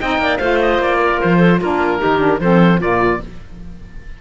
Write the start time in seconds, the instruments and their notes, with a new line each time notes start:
0.00 cello C4, saxophone D#4, clarinet D#5, oboe G5
0.18 cello A#3, clarinet D5
0.38 cello A3, saxophone F4, clarinet C5, oboe F5
0.62 oboe D#5
0.79 cello A#3, oboe D5
0.99 clarinet A#4
1.20 cello F3, oboe C5
1.38 clarinet A4
1.59 cello A#3, saxophone D4, clarinet F4, oboe A#4
1.99 cello D#3, saxophone D#4, clarinet G4
2.19 saxophone D4
2.40 cello F3, saxophone C4, clarinet A4, oboe C5
2.79 cello A#2, saxophone A#3, clarinet F4, oboe D5